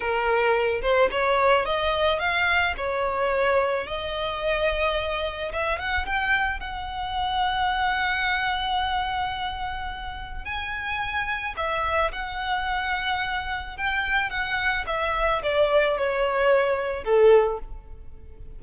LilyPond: \new Staff \with { instrumentName = "violin" } { \time 4/4 \tempo 4 = 109 ais'4. c''8 cis''4 dis''4 | f''4 cis''2 dis''4~ | dis''2 e''8 fis''8 g''4 | fis''1~ |
fis''2. gis''4~ | gis''4 e''4 fis''2~ | fis''4 g''4 fis''4 e''4 | d''4 cis''2 a'4 | }